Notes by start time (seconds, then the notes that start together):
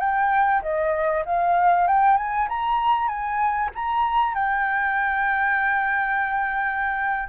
0.00 G5
0.62 D#5
1.26 F5
1.88 G5
2.17 G#5
2.49 A#5
3.08 G#5
3.75 A#5
4.35 G5